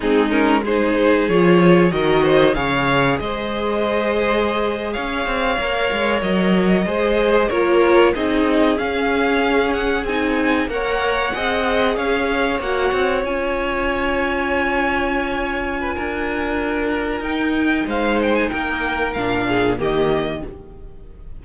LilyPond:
<<
  \new Staff \with { instrumentName = "violin" } { \time 4/4 \tempo 4 = 94 gis'8 ais'8 c''4 cis''4 dis''4 | f''4 dis''2~ dis''8. f''16~ | f''4.~ f''16 dis''2 cis''16~ | cis''8. dis''4 f''4. fis''8 gis''16~ |
gis''8. fis''2 f''4 fis''16~ | fis''8. gis''2.~ gis''16~ | gis''2. g''4 | f''8 g''16 gis''16 g''4 f''4 dis''4 | }
  \new Staff \with { instrumentName = "violin" } { \time 4/4 dis'4 gis'2 ais'8 c''8 | cis''4 c''2~ c''8. cis''16~ | cis''2~ cis''8. c''4 ais'16~ | ais'8. gis'2.~ gis'16~ |
gis'8. cis''4 dis''4 cis''4~ cis''16~ | cis''1~ | cis''8. b'16 ais'2. | c''4 ais'4. gis'8 g'4 | }
  \new Staff \with { instrumentName = "viola" } { \time 4/4 c'8 cis'8 dis'4 f'4 fis'4 | gis'1~ | gis'8. ais'2 gis'4 f'16~ | f'8. dis'4 cis'2 dis'16~ |
dis'8. ais'4 gis'2 fis'16~ | fis'8. f'2.~ f'16~ | f'2. dis'4~ | dis'2 d'4 ais4 | }
  \new Staff \with { instrumentName = "cello" } { \time 4/4 gis2 f4 dis4 | cis4 gis2~ gis8. cis'16~ | cis'16 c'8 ais8 gis8 fis4 gis4 ais16~ | ais8. c'4 cis'2 c'16~ |
c'8. ais4 c'4 cis'4 ais16~ | ais16 c'8 cis'2.~ cis'16~ | cis'4 d'2 dis'4 | gis4 ais4 ais,4 dis4 | }
>>